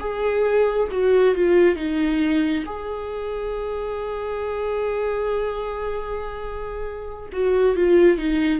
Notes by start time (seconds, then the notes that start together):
0.00 G#4
0.91 F#4
1.35 F4
1.76 D#4
2.66 G#4
7.33 F#4
7.76 F4
8.18 D#4